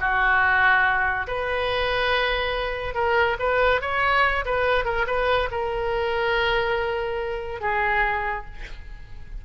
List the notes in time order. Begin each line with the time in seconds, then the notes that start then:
0.00 F#4
1.27 B4
2.94 A#4
3.39 B4
3.81 C#5
4.45 B4
4.85 A#4
5.07 B4
5.51 A#4
7.61 G#4